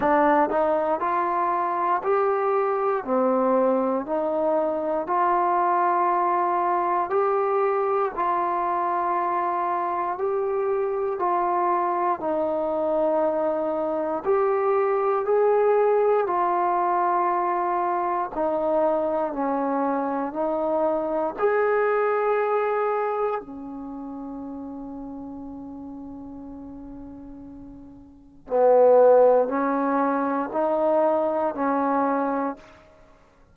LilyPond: \new Staff \with { instrumentName = "trombone" } { \time 4/4 \tempo 4 = 59 d'8 dis'8 f'4 g'4 c'4 | dis'4 f'2 g'4 | f'2 g'4 f'4 | dis'2 g'4 gis'4 |
f'2 dis'4 cis'4 | dis'4 gis'2 cis'4~ | cis'1 | b4 cis'4 dis'4 cis'4 | }